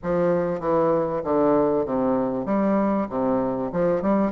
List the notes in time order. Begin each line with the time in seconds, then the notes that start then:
0.02 F3
0.60 E3
1.24 D3
1.85 C3
2.45 G3
3.09 C3
3.72 F3
4.01 G3